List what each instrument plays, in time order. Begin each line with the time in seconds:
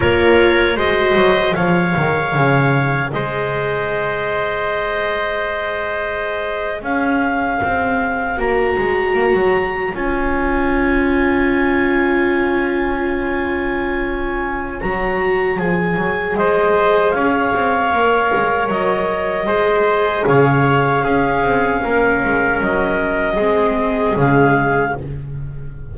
0.00 double bass A#3, viola F4, trumpet A#4, clarinet C#5
0.76 double bass G#3, viola F#4, trumpet C5, clarinet D#5
1.15 double bass F#3
1.53 double bass F3, viola G#4, trumpet C#5, clarinet F5
1.96 double bass D#3
2.35 double bass C#3
3.11 double bass G#3, trumpet C5, clarinet D#5
6.81 double bass C#4, trumpet C#5, clarinet F5
7.62 double bass C4
8.37 double bass A#3, viola F#4, clarinet A#5
8.77 double bass G#3
9.14 double bass A#3
9.33 double bass F#3
9.94 double bass C#4, viola F4, clarinet G#5
14.80 double bass F#3, viola F#4, clarinet A#5
15.57 double bass F3, viola G#4, clarinet G#5
15.95 double bass F#3
16.34 double bass G#3, trumpet C5, clarinet D#5
17.11 double bass C#4, trumpet C#5, clarinet F5
17.54 double bass C4
17.92 double bass A#3, viola A#4
18.34 double bass G#3
18.68 double bass F#3, clarinet D#5
19.46 double bass G#3, viola G#4, trumpet C5
20.26 double bass C#3, trumpet C#5, clarinet F5
21.03 double bass C#4, viola C#4, trumpet G#4
21.42 double bass C4
21.84 double bass A#3, trumpet A#4
22.24 double bass G#3
22.60 double bass F#3, clarinet D#5
23.36 double bass G#3, viola C4, trumpet G#4
24.15 double bass C#3, viola G#3, clarinet F5